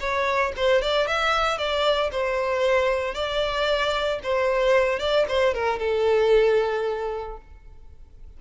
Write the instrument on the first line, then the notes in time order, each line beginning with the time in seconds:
violin
0.00 C#5
0.56 C5
0.82 D5
1.07 E5
1.58 D5
2.11 C5
3.15 D5
4.23 C5
5.00 D5
5.28 C5
5.54 A#4
5.79 A4